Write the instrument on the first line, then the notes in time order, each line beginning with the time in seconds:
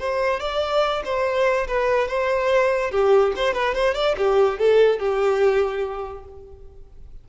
violin
0.00 C5
0.41 D5
1.05 C5
1.68 B4
2.09 C5
2.92 G4
3.36 C5
3.54 B4
3.75 C5
3.95 D5
4.18 G4
4.59 A4
5.00 G4